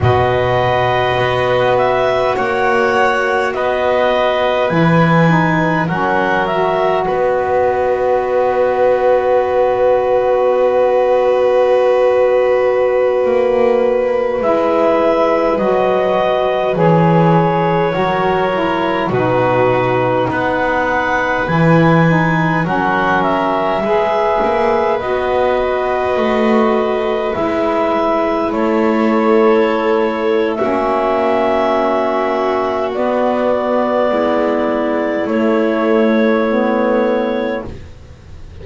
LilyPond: <<
  \new Staff \with { instrumentName = "clarinet" } { \time 4/4 \tempo 4 = 51 dis''4. e''8 fis''4 dis''4 | gis''4 fis''8 e''8 dis''2~ | dis''1~ | dis''16 e''4 dis''4 cis''4.~ cis''16~ |
cis''16 b'4 fis''4 gis''4 fis''8 e''16~ | e''4~ e''16 dis''2 e''8.~ | e''16 cis''4.~ cis''16 e''2 | d''2 cis''2 | }
  \new Staff \with { instrumentName = "violin" } { \time 4/4 b'2 cis''4 b'4~ | b'4 ais'4 b'2~ | b'1~ | b'2.~ b'16 ais'8.~ |
ais'16 fis'4 b'2 ais'8.~ | ais'16 b'2.~ b'8.~ | b'16 a'4.~ a'16 fis'2~ | fis'4 e'2. | }
  \new Staff \with { instrumentName = "saxophone" } { \time 4/4 fis'1 | e'8 dis'8 cis'8 fis'2~ fis'8~ | fis'1~ | fis'16 e'4 fis'4 gis'4 fis'8 e'16~ |
e'16 dis'2 e'8 dis'8 cis'8.~ | cis'16 gis'4 fis'2 e'8.~ | e'2 cis'2 | b2 a4 b4 | }
  \new Staff \with { instrumentName = "double bass" } { \time 4/4 b,4 b4 ais4 b4 | e4 fis4 b2~ | b2.~ b16 ais8.~ | ais16 gis4 fis4 e4 fis8.~ |
fis16 b,4 b4 e4 fis8.~ | fis16 gis8 ais8 b4 a4 gis8.~ | gis16 a4.~ a16 ais2 | b4 gis4 a2 | }
>>